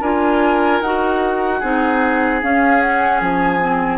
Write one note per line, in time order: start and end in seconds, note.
0.00 0.80 D4
0.00 0.83 F4
0.00 1.59 A#4
0.00 0.81 G#5
0.80 1.60 D#4
0.80 1.62 F#4
0.80 2.41 F#5
1.59 2.42 C4
1.59 2.42 D#4
1.59 3.97 G#4
2.42 3.60 C#4
2.42 3.21 C#4
2.42 2.80 F5
2.80 3.20 F#5
3.21 3.97 F3
3.21 3.97 G#5
3.60 3.97 C4